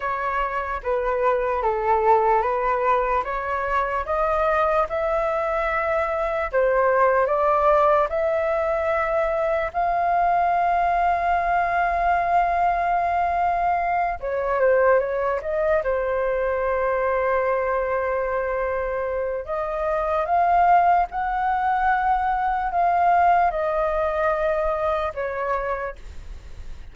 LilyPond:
\new Staff \with { instrumentName = "flute" } { \time 4/4 \tempo 4 = 74 cis''4 b'4 a'4 b'4 | cis''4 dis''4 e''2 | c''4 d''4 e''2 | f''1~ |
f''4. cis''8 c''8 cis''8 dis''8 c''8~ | c''1 | dis''4 f''4 fis''2 | f''4 dis''2 cis''4 | }